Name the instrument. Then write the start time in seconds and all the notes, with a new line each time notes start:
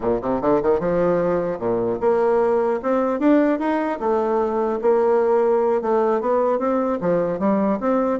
bassoon
0.00 A#2
0.21 C3
0.41 D3
0.62 D#3
0.79 F3
1.58 A#2
2.00 A#3
2.82 C4
3.19 D4
3.59 D#4
3.99 A3
4.81 A#3
5.81 A3
6.21 B3
6.59 C4
7.01 F3
7.39 G3
7.80 C4